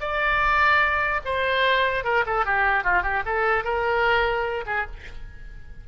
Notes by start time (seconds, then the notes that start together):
0.00 D5
1.24 C5
2.04 A#4
2.26 A4
2.45 G4
2.84 F4
3.02 G4
3.25 A4
3.64 A#4
4.66 G#4